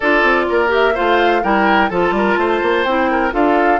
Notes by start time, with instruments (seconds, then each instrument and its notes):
0.00 bassoon D4, clarinet F4, oboe A4, flute D5
0.22 bassoon C4
0.49 bassoon A#3, oboe A#4
0.68 clarinet G4, flute E5
0.94 bassoon A3, clarinet F4, oboe C5, flute F5
1.43 bassoon G3, clarinet E4, oboe A#4, flute G5
1.89 bassoon F3, clarinet F4, oboe A4, flute A5
2.11 bassoon G3, oboe A#4
2.37 bassoon A3, oboe C5
2.62 bassoon A#3
2.84 bassoon C4, clarinet E4, flute G5
3.10 oboe A#4
3.31 bassoon D4, clarinet F4, oboe A4, flute F5